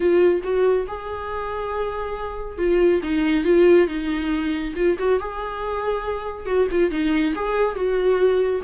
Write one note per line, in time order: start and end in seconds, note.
0.00 0.41 F4
0.43 0.86 F#4
0.87 2.57 G#4
2.57 3.01 F4
3.02 3.44 D#4
3.44 3.87 F4
3.87 4.74 D#4
4.75 4.97 F4
4.98 5.19 F#4
5.19 6.46 G#4
6.46 6.67 F#4
6.71 6.91 F4
6.91 7.34 D#4
7.35 7.75 G#4
7.75 8.61 F#4